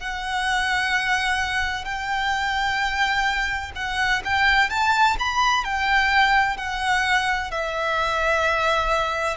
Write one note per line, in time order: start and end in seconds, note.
0.00 1.85 F#5
1.85 3.72 G5
3.76 4.23 F#5
4.25 4.70 G5
4.70 5.17 A5
5.19 5.65 B5
5.65 6.58 G5
6.58 7.51 F#5
7.51 9.37 E5